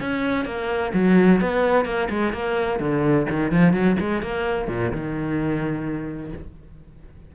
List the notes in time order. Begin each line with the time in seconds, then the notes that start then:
0.00 C#4
0.45 A#3
0.93 F#3
1.40 B3
1.85 A#3
2.09 G#3
2.32 A#3
2.79 D3
3.29 D#3
3.51 F3
3.73 F#3
3.99 G#3
4.21 A#3
4.68 A#2
4.91 D#3